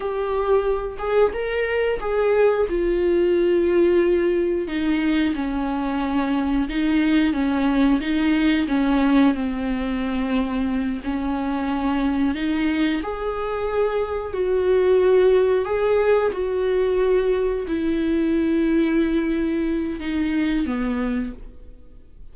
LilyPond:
\new Staff \with { instrumentName = "viola" } { \time 4/4 \tempo 4 = 90 g'4. gis'8 ais'4 gis'4 | f'2. dis'4 | cis'2 dis'4 cis'4 | dis'4 cis'4 c'2~ |
c'8 cis'2 dis'4 gis'8~ | gis'4. fis'2 gis'8~ | gis'8 fis'2 e'4.~ | e'2 dis'4 b4 | }